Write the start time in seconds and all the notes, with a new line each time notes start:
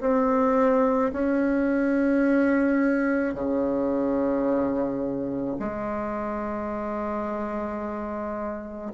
0.00 C4
1.13 C#4
3.34 C#3
5.59 G#3